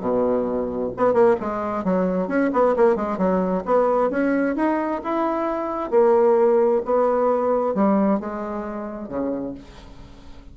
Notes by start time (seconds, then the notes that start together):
0.00 B2
0.96 B3
1.13 A#3
1.40 G#3
1.84 F#3
2.27 C#4
2.52 B3
2.76 A#3
2.95 G#3
3.17 F#3
3.65 B3
4.10 C#4
4.55 D#4
5.03 E4
5.90 A#3
6.85 B3
7.74 G3
8.19 G#3
9.08 C#3